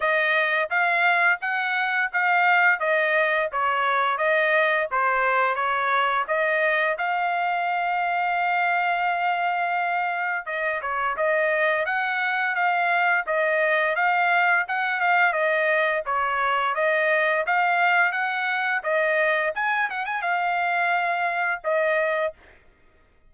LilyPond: \new Staff \with { instrumentName = "trumpet" } { \time 4/4 \tempo 4 = 86 dis''4 f''4 fis''4 f''4 | dis''4 cis''4 dis''4 c''4 | cis''4 dis''4 f''2~ | f''2. dis''8 cis''8 |
dis''4 fis''4 f''4 dis''4 | f''4 fis''8 f''8 dis''4 cis''4 | dis''4 f''4 fis''4 dis''4 | gis''8 fis''16 gis''16 f''2 dis''4 | }